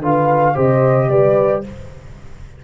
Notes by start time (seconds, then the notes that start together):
0.00 D3 F4 B4 F5
0.54 C3 G4 C5 D#5
1.09 G3 B4 D5